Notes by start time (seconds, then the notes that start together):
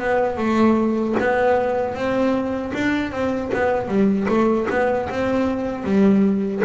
0.00 B3
0.38 A3
1.20 B3
1.95 C4
2.74 D4
3.12 C4
3.53 B3
3.89 G3
4.29 A3
4.70 B3
5.10 C4
5.84 G3